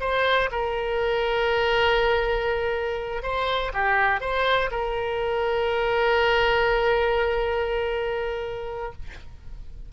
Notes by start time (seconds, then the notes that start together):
0.00 C5
0.51 A#4
3.22 C5
3.73 G4
4.20 C5
4.71 A#4